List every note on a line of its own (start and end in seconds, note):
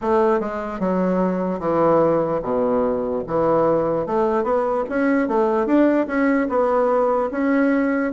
0.01 0.40 A3
0.40 0.79 G#3
0.79 1.59 F#3
1.59 2.40 E3
2.42 3.23 B2
3.27 4.06 E3
4.06 4.43 A3
4.43 4.84 B3
4.89 5.28 C#4
5.28 5.66 A3
5.66 6.07 D4
6.07 6.47 C#4
6.49 7.30 B3
7.31 8.12 C#4